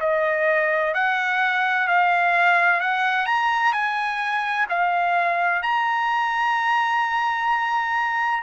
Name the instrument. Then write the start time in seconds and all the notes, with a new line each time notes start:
trumpet
0.00 D#5
0.94 F#5
1.87 F5
2.80 F#5
3.26 A#5
3.72 G#5
4.69 F5
5.62 A#5